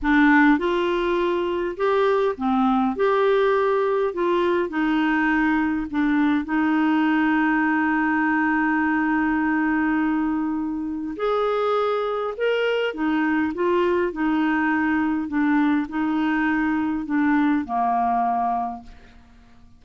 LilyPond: \new Staff \with { instrumentName = "clarinet" } { \time 4/4 \tempo 4 = 102 d'4 f'2 g'4 | c'4 g'2 f'4 | dis'2 d'4 dis'4~ | dis'1~ |
dis'2. gis'4~ | gis'4 ais'4 dis'4 f'4 | dis'2 d'4 dis'4~ | dis'4 d'4 ais2 | }